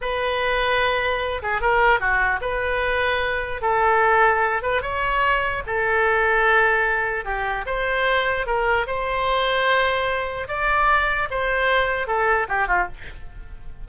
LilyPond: \new Staff \with { instrumentName = "oboe" } { \time 4/4 \tempo 4 = 149 b'2.~ b'8 gis'8 | ais'4 fis'4 b'2~ | b'4 a'2~ a'8 b'8 | cis''2 a'2~ |
a'2 g'4 c''4~ | c''4 ais'4 c''2~ | c''2 d''2 | c''2 a'4 g'8 f'8 | }